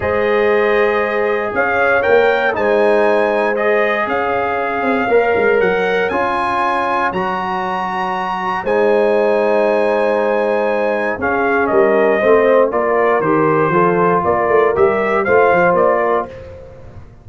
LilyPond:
<<
  \new Staff \with { instrumentName = "trumpet" } { \time 4/4 \tempo 4 = 118 dis''2. f''4 | g''4 gis''2 dis''4 | f''2. fis''4 | gis''2 ais''2~ |
ais''4 gis''2.~ | gis''2 f''4 dis''4~ | dis''4 d''4 c''2 | d''4 e''4 f''4 d''4 | }
  \new Staff \with { instrumentName = "horn" } { \time 4/4 c''2. cis''4~ | cis''4 c''2. | cis''1~ | cis''1~ |
cis''4 c''2.~ | c''2 gis'4 ais'4 | c''4 ais'2 a'4 | ais'2 c''4. ais'8 | }
  \new Staff \with { instrumentName = "trombone" } { \time 4/4 gis'1 | ais'4 dis'2 gis'4~ | gis'2 ais'2 | f'2 fis'2~ |
fis'4 dis'2.~ | dis'2 cis'2 | c'4 f'4 g'4 f'4~ | f'4 g'4 f'2 | }
  \new Staff \with { instrumentName = "tuba" } { \time 4/4 gis2. cis'4 | ais4 gis2. | cis'4. c'8 ais8 gis8 fis4 | cis'2 fis2~ |
fis4 gis2.~ | gis2 cis'4 g4 | a4 ais4 dis4 f4 | ais8 a8 g4 a8 f8 ais4 | }
>>